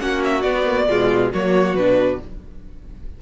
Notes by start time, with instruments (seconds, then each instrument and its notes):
0.00 cello A#3, viola C#4, violin F#4 F#5
0.24 violin E5
0.42 cello B3, viola B3, violin D5
0.65 viola A#3
0.88 cello B2, viola G#3, violin F4
1.33 cello F#3, viola A#3, violin F#4 C#5
1.75 cello B2, viola D4, violin B4